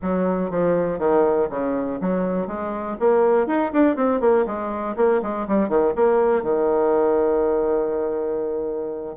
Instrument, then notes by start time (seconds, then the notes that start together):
bassoon
0.02 F#3
0.50 F3
0.98 D#3
1.50 C#3
2.01 F#3
2.47 G#3
2.99 A#3
3.46 D#4
3.72 D4
3.95 C4
4.20 A#3
4.46 G#3
4.96 A#3
5.22 G#3
5.47 G3
5.68 D#3
5.95 A#3
6.42 D#3